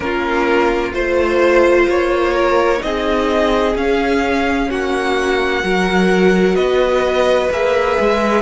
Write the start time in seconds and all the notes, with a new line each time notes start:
0.00 A#3 C#4 F4 A#4
0.92 A3 F4 C5
1.88 A#3 C#5
2.32 A#4
2.78 C4 D#4 D#5
2.85 G#4
3.75 C#4 F5
4.70 A#3 F#4 F#5
5.62 F#3 F#4 A#4
6.55 B3 B4 D#5
7.50 A#3 G#4 E5
7.99 G#3